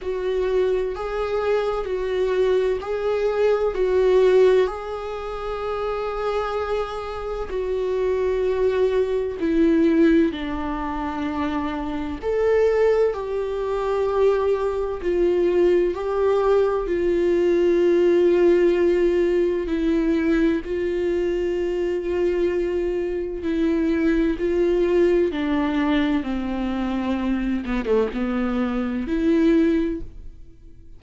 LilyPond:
\new Staff \with { instrumentName = "viola" } { \time 4/4 \tempo 4 = 64 fis'4 gis'4 fis'4 gis'4 | fis'4 gis'2. | fis'2 e'4 d'4~ | d'4 a'4 g'2 |
f'4 g'4 f'2~ | f'4 e'4 f'2~ | f'4 e'4 f'4 d'4 | c'4. b16 a16 b4 e'4 | }